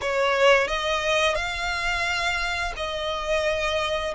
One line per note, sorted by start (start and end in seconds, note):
0.01 0.67 C#5
0.67 1.35 D#5
1.35 2.73 F5
2.76 4.14 D#5